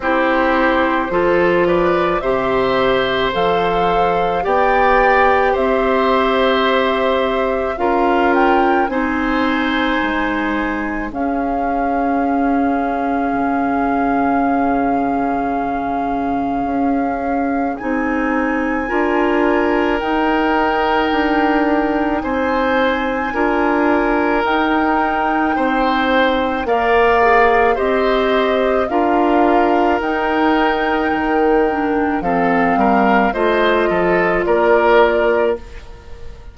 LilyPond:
<<
  \new Staff \with { instrumentName = "flute" } { \time 4/4 \tempo 4 = 54 c''4. d''8 e''4 f''4 | g''4 e''2 f''8 g''8 | gis''2 f''2~ | f''1 |
gis''2 g''2 | gis''2 g''2 | f''4 dis''4 f''4 g''4~ | g''4 f''4 dis''4 d''4 | }
  \new Staff \with { instrumentName = "oboe" } { \time 4/4 g'4 a'8 b'8 c''2 | d''4 c''2 ais'4 | c''2 gis'2~ | gis'1~ |
gis'4 ais'2. | c''4 ais'2 c''4 | d''4 c''4 ais'2~ | ais'4 a'8 ais'8 c''8 a'8 ais'4 | }
  \new Staff \with { instrumentName = "clarinet" } { \time 4/4 e'4 f'4 g'4 a'4 | g'2. f'4 | dis'2 cis'2~ | cis'1 |
dis'4 f'4 dis'2~ | dis'4 f'4 dis'2 | ais'8 gis'8 g'4 f'4 dis'4~ | dis'8 d'8 c'4 f'2 | }
  \new Staff \with { instrumentName = "bassoon" } { \time 4/4 c'4 f4 c4 f4 | b4 c'2 cis'4 | c'4 gis4 cis'2 | cis2. cis'4 |
c'4 d'4 dis'4 d'4 | c'4 d'4 dis'4 c'4 | ais4 c'4 d'4 dis'4 | dis4 f8 g8 a8 f8 ais4 | }
>>